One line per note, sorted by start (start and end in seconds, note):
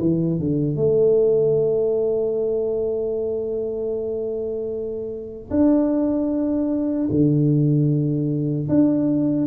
0.00 0.39 E3
0.39 0.76 D3
0.76 5.50 A3
5.51 7.09 D4
7.11 8.68 D3
8.69 9.47 D4